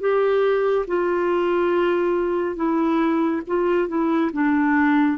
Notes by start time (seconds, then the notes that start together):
0.00 G4
0.87 F4
2.56 E4
3.48 F4
3.88 E4
4.33 D4